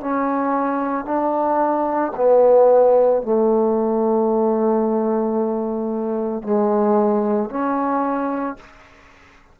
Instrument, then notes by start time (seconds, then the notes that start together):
trombone
0.00 C#4
1.04 D4
2.16 B3
3.22 A3
6.42 G#3
7.50 C#4